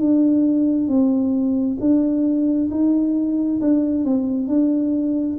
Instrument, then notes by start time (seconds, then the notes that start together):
tuba
0.00 D4
0.88 C4
1.80 D4
2.71 D#4
3.61 D4
4.05 C4
4.48 D4